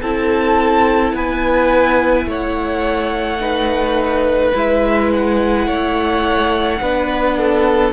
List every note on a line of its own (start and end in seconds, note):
0.00 1.12 C4
0.00 3.39 E4
0.00 1.13 A4
0.00 1.15 A5
1.12 2.25 B3
1.12 2.27 B4
1.12 2.28 G#5
2.25 4.51 A3
2.25 3.41 C#5
2.25 4.57 F#5
3.39 4.52 D#4
3.39 5.66 B4
4.53 5.66 G#3
4.53 6.80 E4
4.53 5.12 E5
5.12 7.92 F#5
5.66 6.79 A3
5.66 6.79 C#5
6.80 7.92 B3
6.80 7.92 D4
6.80 7.37 B4
7.37 7.92 A4